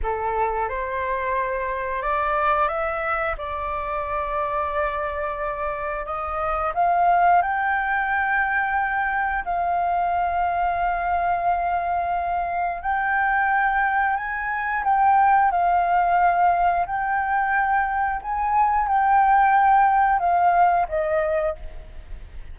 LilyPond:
\new Staff \with { instrumentName = "flute" } { \time 4/4 \tempo 4 = 89 a'4 c''2 d''4 | e''4 d''2.~ | d''4 dis''4 f''4 g''4~ | g''2 f''2~ |
f''2. g''4~ | g''4 gis''4 g''4 f''4~ | f''4 g''2 gis''4 | g''2 f''4 dis''4 | }